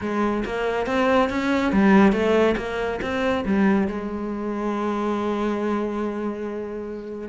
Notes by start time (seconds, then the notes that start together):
0.01 G#3
0.45 A#3
0.86 C4
1.29 C#4
1.72 G3
2.12 A3
2.57 A#3
3.01 C4
3.45 G3
3.87 G#3